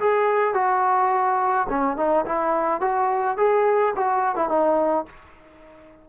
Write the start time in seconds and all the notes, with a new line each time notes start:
0.00 G#4
0.54 F#4
1.70 C#4
1.97 D#4
2.26 E4
2.81 F#4
3.38 G#4
3.96 F#4
4.36 E4
4.49 D#4